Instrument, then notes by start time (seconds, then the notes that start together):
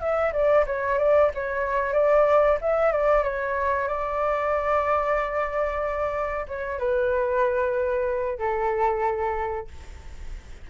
flute
0.00 E5
0.32 D5
0.66 C#5
0.98 D5
1.34 C#5
1.93 D5
2.61 E5
2.92 D5
3.23 C#5
3.88 D5
6.48 C#5
6.78 B4
8.38 A4